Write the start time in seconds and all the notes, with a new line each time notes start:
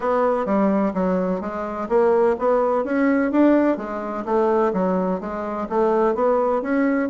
0.00 B3
0.45 G3
0.94 F#3
1.40 G#3
1.88 A#3
2.38 B3
2.84 C#4
3.31 D4
3.77 G#3
4.25 A3
4.73 F#3
5.20 G#3
5.69 A3
6.14 B3
6.62 C#4